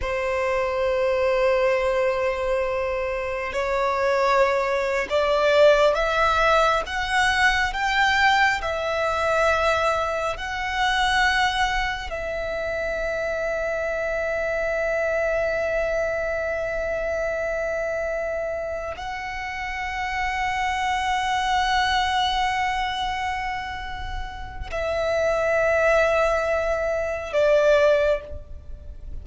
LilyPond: \new Staff \with { instrumentName = "violin" } { \time 4/4 \tempo 4 = 68 c''1 | cis''4.~ cis''16 d''4 e''4 fis''16~ | fis''8. g''4 e''2 fis''16~ | fis''4.~ fis''16 e''2~ e''16~ |
e''1~ | e''4. fis''2~ fis''8~ | fis''1 | e''2. d''4 | }